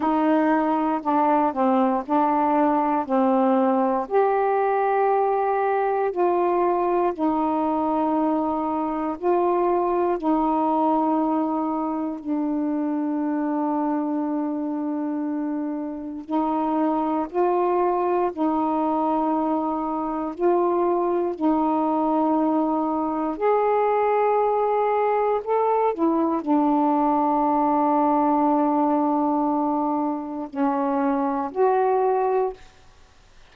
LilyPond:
\new Staff \with { instrumentName = "saxophone" } { \time 4/4 \tempo 4 = 59 dis'4 d'8 c'8 d'4 c'4 | g'2 f'4 dis'4~ | dis'4 f'4 dis'2 | d'1 |
dis'4 f'4 dis'2 | f'4 dis'2 gis'4~ | gis'4 a'8 e'8 d'2~ | d'2 cis'4 fis'4 | }